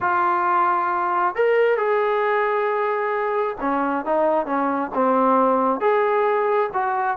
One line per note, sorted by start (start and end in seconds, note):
0.00 1.35 F4
1.35 1.77 A#4
1.77 3.56 G#4
3.60 4.05 C#4
4.05 4.46 D#4
4.46 4.90 C#4
4.94 5.80 C4
5.80 6.70 G#4
6.73 7.17 F#4